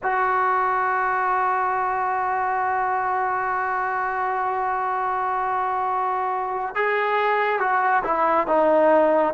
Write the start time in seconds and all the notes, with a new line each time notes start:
0.02 F#4
6.75 G#4
7.59 F#4
8.04 E4
8.47 D#4